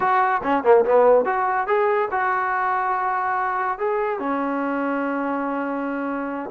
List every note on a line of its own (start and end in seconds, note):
0.00 0.41 F#4
0.43 0.63 C#4
0.63 0.84 A#3
0.85 1.25 B3
1.25 1.67 F#4
1.67 2.09 G#4
2.11 3.78 F#4
3.78 4.19 G#4
4.19 6.50 C#4